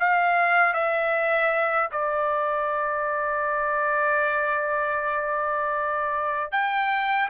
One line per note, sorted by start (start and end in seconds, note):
0.00 0.74 F5
0.74 1.90 E5
1.92 6.52 D5
6.52 7.29 G5